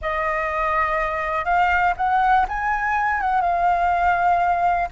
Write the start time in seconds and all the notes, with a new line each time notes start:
0.01 D#5
1.44 F5
1.96 F#5
2.48 G#5
3.20 F#5
3.41 F5